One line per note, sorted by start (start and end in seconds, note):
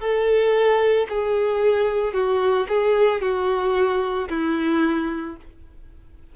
0.00 1.07 A4
1.09 2.13 G#4
2.13 2.66 F#4
2.68 3.21 G#4
3.21 4.29 F#4
4.29 5.36 E4